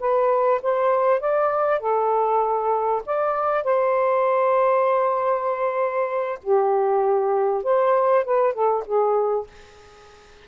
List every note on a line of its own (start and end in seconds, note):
0.00 0.61 B4
0.63 1.21 C5
1.21 1.80 D5
1.80 3.03 A4
3.06 3.64 D5
3.64 6.40 C5
6.43 7.64 G4
7.64 8.25 C5
8.25 8.54 B4
8.54 8.84 A4
8.86 9.47 G#4